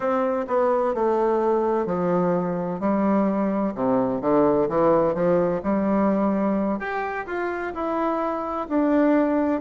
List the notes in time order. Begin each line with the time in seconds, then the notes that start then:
0.00 C4
0.47 B3
0.94 A3
1.86 F3
2.80 G3
3.75 C3
4.21 D3
4.69 E3
5.14 F3
5.63 G3
6.79 G4
7.26 F4
7.73 E4
8.68 D4